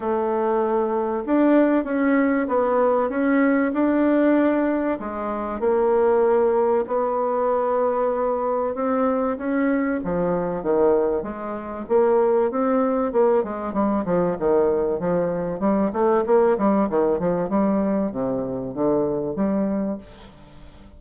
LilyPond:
\new Staff \with { instrumentName = "bassoon" } { \time 4/4 \tempo 4 = 96 a2 d'4 cis'4 | b4 cis'4 d'2 | gis4 ais2 b4~ | b2 c'4 cis'4 |
f4 dis4 gis4 ais4 | c'4 ais8 gis8 g8 f8 dis4 | f4 g8 a8 ais8 g8 dis8 f8 | g4 c4 d4 g4 | }